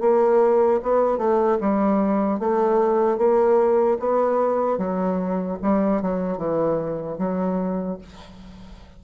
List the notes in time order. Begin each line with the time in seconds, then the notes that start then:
0.00 A#3
0.82 B3
1.17 A3
1.60 G3
2.39 A3
3.18 A#3
3.99 B3
4.78 F#3
5.62 G3
6.02 F#3
6.37 E3
7.18 F#3